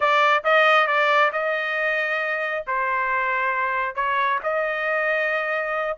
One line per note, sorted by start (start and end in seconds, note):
0.00 0.43 D5
0.44 0.87 D#5
0.87 1.31 D5
1.32 2.65 D#5
2.67 3.95 C5
3.95 4.39 C#5
4.43 5.97 D#5